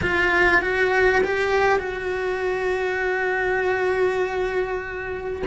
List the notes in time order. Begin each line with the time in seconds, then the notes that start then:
0.02 F4
0.61 F#4
1.23 G4
1.79 F#4